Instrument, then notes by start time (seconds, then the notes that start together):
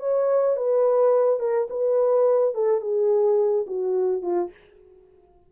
horn
0.00 C#5
0.57 B4
1.40 A#4
1.70 B4
2.55 A4
2.81 G#4
3.67 F#4
4.22 F4